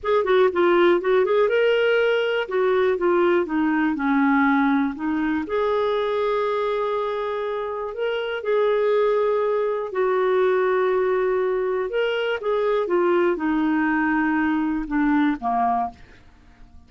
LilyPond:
\new Staff \with { instrumentName = "clarinet" } { \time 4/4 \tempo 4 = 121 gis'8 fis'8 f'4 fis'8 gis'8 ais'4~ | ais'4 fis'4 f'4 dis'4 | cis'2 dis'4 gis'4~ | gis'1 |
ais'4 gis'2. | fis'1 | ais'4 gis'4 f'4 dis'4~ | dis'2 d'4 ais4 | }